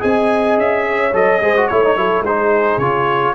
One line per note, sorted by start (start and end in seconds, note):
0.00 0.58 C4
0.00 1.11 G#4
0.00 0.84 D#5
0.00 0.58 G#5
0.58 1.13 C#4
0.58 1.14 E5
0.86 1.42 C#5
1.13 1.41 F#3
1.13 1.41 A4
1.13 1.67 D#5
1.41 1.68 G#3
1.41 1.55 G#4
1.41 1.70 C5
1.57 1.70 F#4
1.67 1.96 A3
1.67 1.84 E4
1.67 2.23 C#5
1.67 1.97 C#5
1.84 1.96 D#4
1.96 2.20 F#3
1.96 2.24 E4
1.96 2.24 A4
2.20 2.76 G#3
2.20 3.34 G#4
2.20 2.79 C5
2.27 2.81 D#4
2.77 3.33 C#3
2.77 3.34 F4
2.77 3.34 C#5